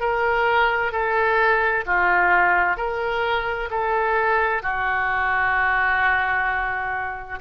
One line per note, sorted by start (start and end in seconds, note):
0.00 0.92 A#4
0.92 1.85 A4
1.86 2.77 F4
2.77 3.69 A#4
3.70 4.62 A4
4.62 7.39 F#4